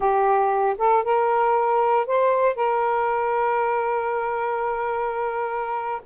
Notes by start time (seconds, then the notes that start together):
0.00 G4
0.78 A4
1.03 A#4
2.06 C5
2.55 A#4